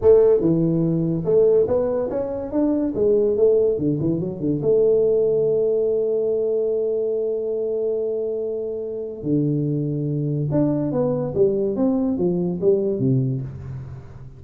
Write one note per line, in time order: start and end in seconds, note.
0.01 0.40 A3
0.40 1.24 E3
1.25 1.66 A3
1.67 2.09 B3
2.10 2.51 C#4
2.51 2.93 D4
2.94 3.36 G#3
3.37 3.78 A3
3.78 3.99 D3
4.00 4.19 E3
4.19 4.40 F#3
4.40 4.61 D3
4.62 9.22 A3
9.22 10.48 D3
10.51 10.91 D4
10.91 11.33 B3
11.34 11.75 G3
11.75 12.17 C4
12.17 12.59 F3
12.60 12.99 G3
12.99 13.41 C3